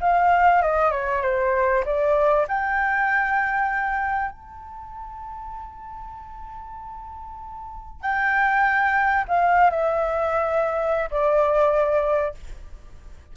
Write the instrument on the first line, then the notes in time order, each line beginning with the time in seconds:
flute
0.00 F5
0.62 D#5
0.91 C#5
1.22 C5
1.85 D5
2.48 G5
4.31 A5
8.01 G5
9.28 F5
9.70 E5
11.10 D5